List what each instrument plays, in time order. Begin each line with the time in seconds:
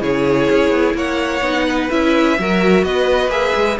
0.00 cello C#3, viola E4, violin G#4 C#5
0.50 cello C#4
0.70 cello B3
0.94 cello A#3, violin C#5 F#5
1.40 cello B3, viola D#4
1.67 violin B4
1.90 cello C#4, viola E4, violin E5
2.39 cello F#3, viola F#4, violin A#4
2.83 cello B3, violin B4 D#5
3.27 cello A#3, viola G#4, violin E5
3.55 cello G#3